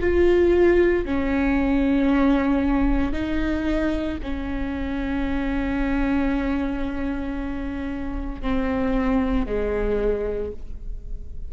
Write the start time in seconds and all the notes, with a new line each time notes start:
0.00 F4
1.05 C#4
3.13 D#4
4.23 C#4
8.42 C4
9.46 G#3